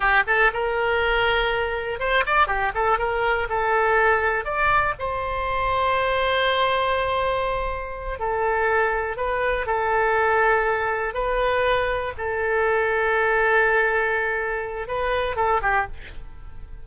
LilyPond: \new Staff \with { instrumentName = "oboe" } { \time 4/4 \tempo 4 = 121 g'8 a'8 ais'2. | c''8 d''8 g'8 a'8 ais'4 a'4~ | a'4 d''4 c''2~ | c''1~ |
c''8 a'2 b'4 a'8~ | a'2~ a'8 b'4.~ | b'8 a'2.~ a'8~ | a'2 b'4 a'8 g'8 | }